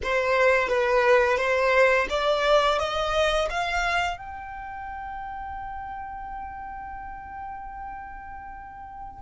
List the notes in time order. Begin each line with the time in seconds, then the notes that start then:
0.03 C5
0.68 B4
1.37 C5
2.09 D5
2.78 D#5
3.49 F5
4.17 G5